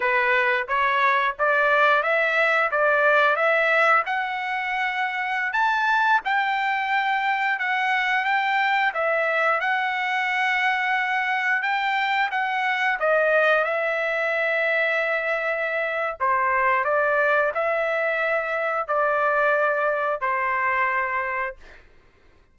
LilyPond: \new Staff \with { instrumentName = "trumpet" } { \time 4/4 \tempo 4 = 89 b'4 cis''4 d''4 e''4 | d''4 e''4 fis''2~ | fis''16 a''4 g''2 fis''8.~ | fis''16 g''4 e''4 fis''4.~ fis''16~ |
fis''4~ fis''16 g''4 fis''4 dis''8.~ | dis''16 e''2.~ e''8. | c''4 d''4 e''2 | d''2 c''2 | }